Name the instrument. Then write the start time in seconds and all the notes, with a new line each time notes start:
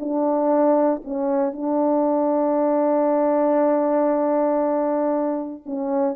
horn
0.00 D4
1.04 C#4
1.53 D4
5.66 C#4